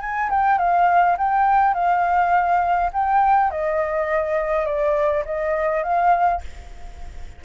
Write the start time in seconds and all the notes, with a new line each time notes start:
0.00 G#5
0.30 G5
0.58 F5
1.17 G5
1.74 F5
2.92 G5
3.51 D#5
4.65 D5
5.25 D#5
5.83 F5